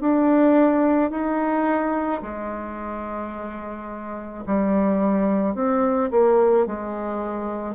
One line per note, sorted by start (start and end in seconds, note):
0.00 1.11 D4
1.11 2.22 D#4
2.22 4.44 G#3
4.46 5.55 G3
5.55 6.11 C4
6.11 6.66 A#3
6.66 7.75 G#3